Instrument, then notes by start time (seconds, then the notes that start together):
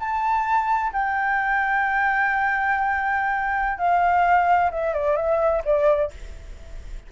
flute
0.00 A5
0.93 G5
3.78 F5
4.71 E5
4.94 D5
5.16 E5
5.65 D5